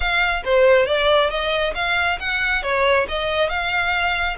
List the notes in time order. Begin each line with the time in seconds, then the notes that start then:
0.00 F5
0.44 C5
0.86 D5
1.30 D#5
1.74 F5
2.19 F#5
2.63 C#5
3.08 D#5
3.49 F5